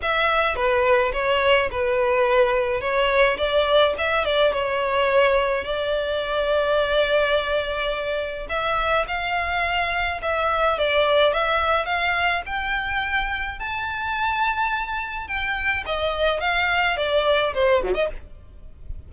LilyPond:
\new Staff \with { instrumentName = "violin" } { \time 4/4 \tempo 4 = 106 e''4 b'4 cis''4 b'4~ | b'4 cis''4 d''4 e''8 d''8 | cis''2 d''2~ | d''2. e''4 |
f''2 e''4 d''4 | e''4 f''4 g''2 | a''2. g''4 | dis''4 f''4 d''4 c''8 fis16 dis''16 | }